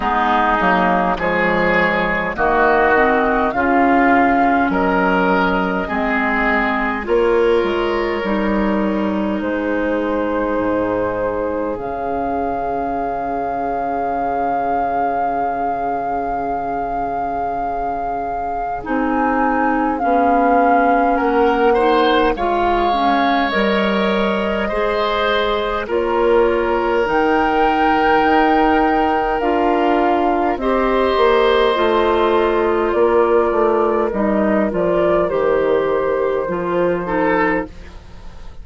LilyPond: <<
  \new Staff \with { instrumentName = "flute" } { \time 4/4 \tempo 4 = 51 gis'4 cis''4 dis''4 f''4 | dis''2 cis''2 | c''2 f''2~ | f''1 |
gis''4 f''4 fis''4 f''4 | dis''2 cis''4 g''4~ | g''4 f''4 dis''2 | d''4 dis''8 d''8 c''2 | }
  \new Staff \with { instrumentName = "oboe" } { \time 4/4 dis'4 gis'4 fis'4 f'4 | ais'4 gis'4 ais'2 | gis'1~ | gis'1~ |
gis'2 ais'8 c''8 cis''4~ | cis''4 c''4 ais'2~ | ais'2 c''2 | ais'2.~ ais'8 a'8 | }
  \new Staff \with { instrumentName = "clarinet" } { \time 4/4 b8 ais8 gis4 ais8 c'8 cis'4~ | cis'4 c'4 f'4 dis'4~ | dis'2 cis'2~ | cis'1 |
dis'4 cis'4. dis'8 f'8 cis'8 | ais'4 gis'4 f'4 dis'4~ | dis'4 f'4 g'4 f'4~ | f'4 dis'8 f'8 g'4 f'8 dis'8 | }
  \new Staff \with { instrumentName = "bassoon" } { \time 4/4 gis8 fis8 f4 dis4 cis4 | fis4 gis4 ais8 gis8 g4 | gis4 gis,4 cis2~ | cis1 |
c'4 b4 ais4 gis4 | g4 gis4 ais4 dis4 | dis'4 d'4 c'8 ais8 a4 | ais8 a8 g8 f8 dis4 f4 | }
>>